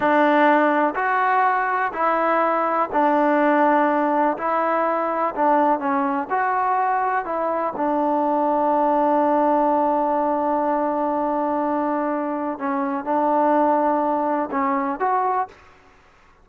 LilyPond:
\new Staff \with { instrumentName = "trombone" } { \time 4/4 \tempo 4 = 124 d'2 fis'2 | e'2 d'2~ | d'4 e'2 d'4 | cis'4 fis'2 e'4 |
d'1~ | d'1~ | d'2 cis'4 d'4~ | d'2 cis'4 fis'4 | }